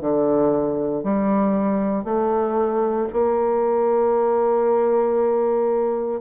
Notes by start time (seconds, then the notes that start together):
0.00 D3
1.03 G3
2.04 A3
3.13 A#3